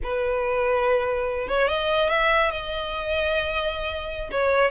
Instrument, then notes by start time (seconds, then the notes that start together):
violin
0.03 B4
1.48 C#5
1.68 D#5
2.09 E5
2.51 D#5
4.31 C#5